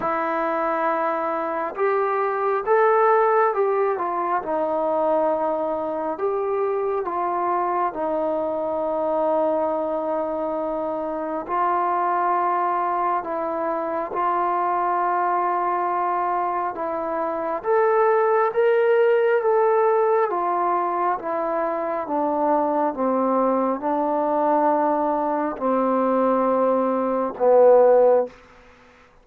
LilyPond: \new Staff \with { instrumentName = "trombone" } { \time 4/4 \tempo 4 = 68 e'2 g'4 a'4 | g'8 f'8 dis'2 g'4 | f'4 dis'2.~ | dis'4 f'2 e'4 |
f'2. e'4 | a'4 ais'4 a'4 f'4 | e'4 d'4 c'4 d'4~ | d'4 c'2 b4 | }